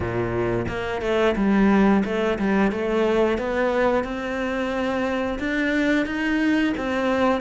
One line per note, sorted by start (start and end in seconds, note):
0.00 0.66 A#2
0.67 1.01 A#3
1.01 1.35 A3
1.36 2.03 G3
2.04 2.38 A3
2.38 2.71 G3
2.71 3.38 A3
3.38 4.04 B3
4.04 5.38 C4
5.39 6.06 D4
6.06 6.73 D#4
6.77 7.40 C4